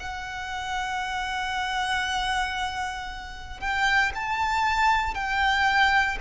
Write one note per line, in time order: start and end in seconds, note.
0.00 3.61 F#5
3.61 4.12 G5
4.15 5.15 A5
5.15 6.18 G5